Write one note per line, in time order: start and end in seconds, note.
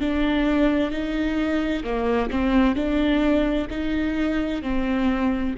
0.00 0.91 D4
0.91 1.83 D#4
1.83 2.30 A#3
2.30 2.75 C4
2.75 3.67 D4
3.70 4.62 D#4
4.62 5.54 C4